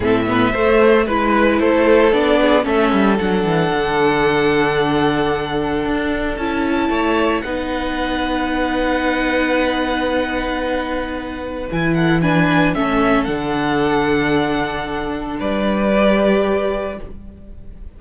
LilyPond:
<<
  \new Staff \with { instrumentName = "violin" } { \time 4/4 \tempo 4 = 113 e''2 b'4 c''4 | d''4 e''4 fis''2~ | fis''1 | a''2 fis''2~ |
fis''1~ | fis''2 gis''8 fis''8 gis''4 | e''4 fis''2.~ | fis''4 d''2. | }
  \new Staff \with { instrumentName = "violin" } { \time 4/4 a'8 b'8 c''4 b'4 a'4~ | a'8 gis'8 a'2.~ | a'1~ | a'4 cis''4 b'2~ |
b'1~ | b'2~ b'8 a'8 b'4 | a'1~ | a'4 b'2. | }
  \new Staff \with { instrumentName = "viola" } { \time 4/4 c'8 b8 a4 e'2 | d'4 cis'4 d'2~ | d'1 | e'2 dis'2~ |
dis'1~ | dis'2 e'4 d'4 | cis'4 d'2.~ | d'2 g'2 | }
  \new Staff \with { instrumentName = "cello" } { \time 4/4 a,4 a4 gis4 a4 | b4 a8 g8 fis8 e8 d4~ | d2. d'4 | cis'4 a4 b2~ |
b1~ | b2 e2 | a4 d2.~ | d4 g2. | }
>>